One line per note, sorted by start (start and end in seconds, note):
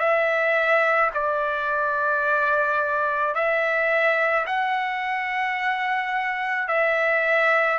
0.00 1.11 E5
1.15 3.35 D5
3.35 4.46 E5
4.47 6.68 F#5
6.68 7.79 E5